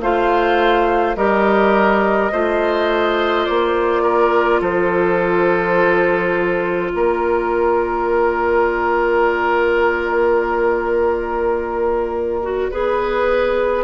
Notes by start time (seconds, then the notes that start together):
0.00 A3 F4 C5 F5
1.16 G3 G4 A#4 D#5
2.32 A3 F4 C5
3.46 A#3 D5
4.02 A#4
4.61 F3 A4 C5
6.91 A#3 A#4 D5
12.43 F#4
12.70 B3 G#4 B4